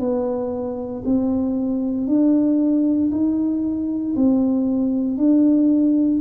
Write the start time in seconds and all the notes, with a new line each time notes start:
0.00 B3
1.05 C4
2.08 D4
3.12 D#4
4.17 C4
5.18 D4